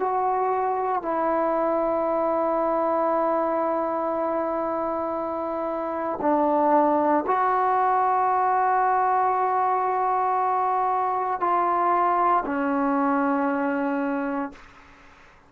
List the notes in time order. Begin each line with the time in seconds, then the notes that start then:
0.00 F#4
1.03 E4
6.22 D4
7.27 F#4
11.41 F4
12.46 C#4